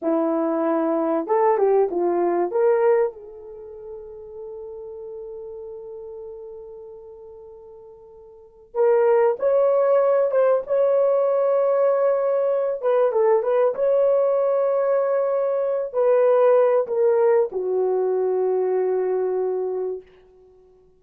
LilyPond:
\new Staff \with { instrumentName = "horn" } { \time 4/4 \tempo 4 = 96 e'2 a'8 g'8 f'4 | ais'4 a'2.~ | a'1~ | a'2 ais'4 cis''4~ |
cis''8 c''8 cis''2.~ | cis''8 b'8 a'8 b'8 cis''2~ | cis''4. b'4. ais'4 | fis'1 | }